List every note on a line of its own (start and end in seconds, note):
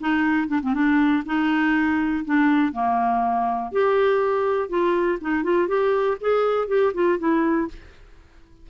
0.00 0.47 D#4
0.47 0.60 D4
0.62 0.74 C4
0.74 1.23 D4
1.25 2.24 D#4
2.25 2.72 D4
2.72 3.71 A#3
3.72 4.69 G4
4.69 5.18 F4
5.21 5.43 D#4
5.43 5.68 F4
5.68 6.17 G4
6.21 6.67 G#4
6.67 6.92 G4
6.94 7.18 F4
7.19 7.68 E4